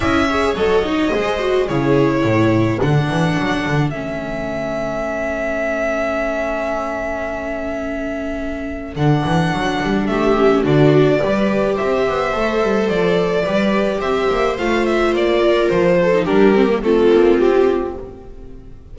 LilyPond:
<<
  \new Staff \with { instrumentName = "violin" } { \time 4/4 \tempo 4 = 107 e''4 dis''2 cis''4~ | cis''4 fis''2 e''4~ | e''1~ | e''1 |
fis''2 e''4 d''4~ | d''4 e''2 d''4~ | d''4 e''4 f''8 e''8 d''4 | c''4 ais'4 a'4 g'4 | }
  \new Staff \with { instrumentName = "viola" } { \time 4/4 dis''8 cis''4. c''4 gis'4 | a'1~ | a'1~ | a'1~ |
a'2 g'4 fis'4 | b'4 c''2. | b'4 c''2~ c''8 ais'8~ | ais'8 a'8 g'4 f'2 | }
  \new Staff \with { instrumentName = "viola" } { \time 4/4 e'8 gis'8 a'8 dis'8 gis'8 fis'8 e'4~ | e'4 d'2 cis'4~ | cis'1~ | cis'1 |
d'2~ d'8 cis'8 d'4 | g'2 a'2 | g'2 f'2~ | f'8. dis'16 d'8 c'16 ais16 c'2 | }
  \new Staff \with { instrumentName = "double bass" } { \time 4/4 cis'4 fis4 gis4 cis4 | a,4 d8 e8 fis8 d8 a4~ | a1~ | a1 |
d8 e8 fis8 g8 a4 d4 | g4 c'8 b8 a8 g8 f4 | g4 c'8 ais8 a4 ais4 | f4 g4 a8 ais8 c'4 | }
>>